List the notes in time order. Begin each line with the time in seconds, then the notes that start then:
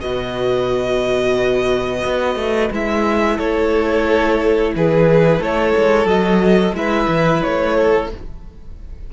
0.00 B2 F#4 B4 D#5
2.04 B3
2.35 A3
2.71 G#3 E4 E5
3.36 A3 A4 C#5
4.75 E3 G#4 B4
5.39 A3 A4 C#5
5.77 G#3
6.05 F#3 F#4 D#5
6.72 G#3 E4 B4 E5
7.07 E3
7.42 A3 C#5
7.76 A4